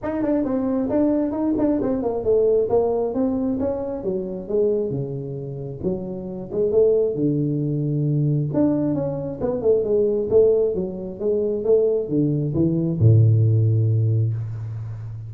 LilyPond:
\new Staff \with { instrumentName = "tuba" } { \time 4/4 \tempo 4 = 134 dis'8 d'8 c'4 d'4 dis'8 d'8 | c'8 ais8 a4 ais4 c'4 | cis'4 fis4 gis4 cis4~ | cis4 fis4. gis8 a4 |
d2. d'4 | cis'4 b8 a8 gis4 a4 | fis4 gis4 a4 d4 | e4 a,2. | }